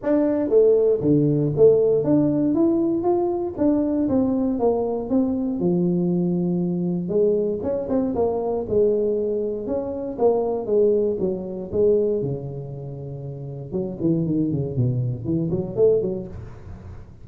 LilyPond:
\new Staff \with { instrumentName = "tuba" } { \time 4/4 \tempo 4 = 118 d'4 a4 d4 a4 | d'4 e'4 f'4 d'4 | c'4 ais4 c'4 f4~ | f2 gis4 cis'8 c'8 |
ais4 gis2 cis'4 | ais4 gis4 fis4 gis4 | cis2. fis8 e8 | dis8 cis8 b,4 e8 fis8 a8 fis8 | }